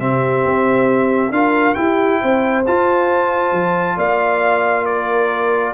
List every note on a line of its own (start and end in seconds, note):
0.00 0.45 C3
0.00 1.32 C4
0.00 1.34 G4
0.00 1.33 E5
0.45 1.31 C4
1.31 1.75 D4
1.31 1.76 F4
1.31 1.78 A#4
1.31 1.75 F5
1.75 2.64 E4
1.75 2.23 E4
1.75 2.22 G4
1.75 2.63 G5
2.22 2.67 C4
2.22 3.97 C5
2.67 3.53 F4
2.67 5.74 F4
2.67 3.99 A5
3.53 3.97 F3
3.97 5.74 A#3
3.97 4.85 D5
3.97 4.86 F5
4.86 5.74 A#4
4.86 5.74 D5